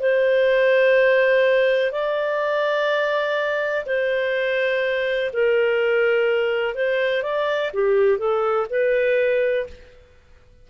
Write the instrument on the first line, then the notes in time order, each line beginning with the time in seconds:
clarinet
0.00 C5
1.92 D5
3.86 C5
5.33 A#4
6.75 C5
7.23 D5
7.74 G4
8.19 A4
8.70 B4